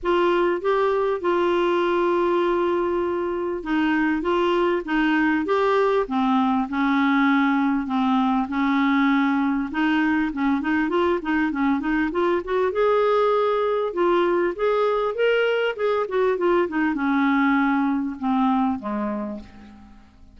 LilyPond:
\new Staff \with { instrumentName = "clarinet" } { \time 4/4 \tempo 4 = 99 f'4 g'4 f'2~ | f'2 dis'4 f'4 | dis'4 g'4 c'4 cis'4~ | cis'4 c'4 cis'2 |
dis'4 cis'8 dis'8 f'8 dis'8 cis'8 dis'8 | f'8 fis'8 gis'2 f'4 | gis'4 ais'4 gis'8 fis'8 f'8 dis'8 | cis'2 c'4 gis4 | }